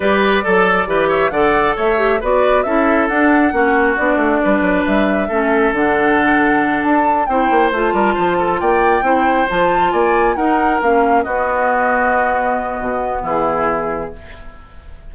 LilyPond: <<
  \new Staff \with { instrumentName = "flute" } { \time 4/4 \tempo 4 = 136 d''2~ d''8 e''8 fis''4 | e''4 d''4 e''4 fis''4~ | fis''4 d''2 e''4~ | e''4 fis''2~ fis''8 a''8~ |
a''8 g''4 a''2 g''8~ | g''4. a''4 gis''4 fis''8~ | fis''8 f''4 dis''2~ dis''8~ | dis''2 gis'2 | }
  \new Staff \with { instrumentName = "oboe" } { \time 4/4 b'4 a'4 b'8 cis''8 d''4 | cis''4 b'4 a'2 | fis'2 b'2 | a'1~ |
a'8 c''4. ais'8 c''8 a'8 d''8~ | d''8 c''2 d''4 ais'8~ | ais'4. fis'2~ fis'8~ | fis'2 e'2 | }
  \new Staff \with { instrumentName = "clarinet" } { \time 4/4 g'4 a'4 g'4 a'4~ | a'8 g'8 fis'4 e'4 d'4 | cis'4 d'2. | cis'4 d'2.~ |
d'8 e'4 f'2~ f'8~ | f'8 e'4 f'2 dis'8~ | dis'8 cis'4 b2~ b8~ | b1 | }
  \new Staff \with { instrumentName = "bassoon" } { \time 4/4 g4 fis4 e4 d4 | a4 b4 cis'4 d'4 | ais4 b8 a8 g8 fis8 g4 | a4 d2~ d8 d'8~ |
d'8 c'8 ais8 a8 g8 f4 ais8~ | ais8 c'4 f4 ais4 dis'8~ | dis'8 ais4 b2~ b8~ | b4 b,4 e2 | }
>>